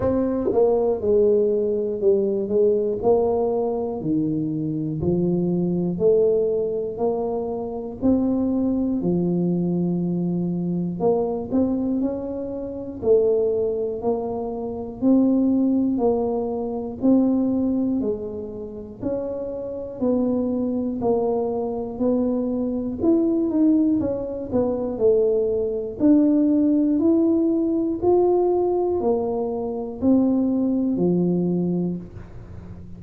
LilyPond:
\new Staff \with { instrumentName = "tuba" } { \time 4/4 \tempo 4 = 60 c'8 ais8 gis4 g8 gis8 ais4 | dis4 f4 a4 ais4 | c'4 f2 ais8 c'8 | cis'4 a4 ais4 c'4 |
ais4 c'4 gis4 cis'4 | b4 ais4 b4 e'8 dis'8 | cis'8 b8 a4 d'4 e'4 | f'4 ais4 c'4 f4 | }